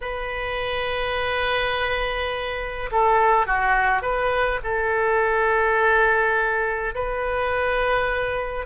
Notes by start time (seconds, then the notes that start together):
0.01 B4
2.91 A4
3.46 F#4
4.02 B4
4.63 A4
6.94 B4